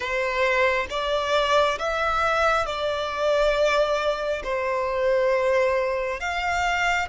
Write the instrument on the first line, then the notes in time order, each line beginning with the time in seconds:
violin
0.00 C5
0.90 D5
1.78 E5
2.66 D5
4.44 C5
6.20 F5